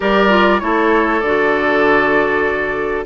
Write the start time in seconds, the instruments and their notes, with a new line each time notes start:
0.00 bassoon G3, clarinet G4, oboe A#4, flute D5
0.29 clarinet F4
0.59 bassoon A3, clarinet E4, oboe A4, flute C#5
1.20 bassoon D3, clarinet F#4, flute D5